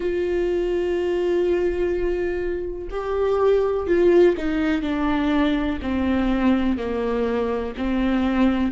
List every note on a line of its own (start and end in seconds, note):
0.00 2.88 F4
2.90 3.87 G4
3.87 4.35 F4
4.37 4.82 D#4
4.82 5.78 D4
5.82 6.77 C4
6.77 7.74 A#3
7.77 8.71 C4